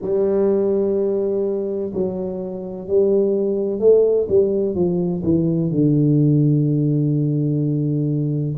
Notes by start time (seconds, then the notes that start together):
0.01 G3
1.93 F#3
2.87 G3
3.79 A3
4.29 G3
4.74 F3
5.23 E3
5.71 D3